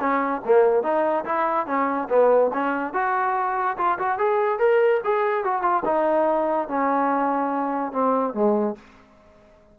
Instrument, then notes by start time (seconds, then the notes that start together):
trombone
0.00 C#4
0.45 A#3
0.83 D#4
1.25 E4
1.67 C#4
2.10 B3
2.54 C#4
2.94 F#4
3.78 F4
3.99 F#4
4.18 G#4
4.59 A#4
5.04 G#4
5.45 F#4
5.62 F4
5.85 D#4
6.69 C#4
7.92 C4
8.34 G#3